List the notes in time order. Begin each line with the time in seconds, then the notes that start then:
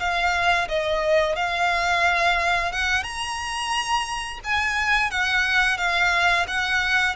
0.00 F5
0.69 D#5
1.36 F5
2.72 F#5
3.03 A#5
4.44 G#5
5.11 F#5
5.78 F5
6.48 F#5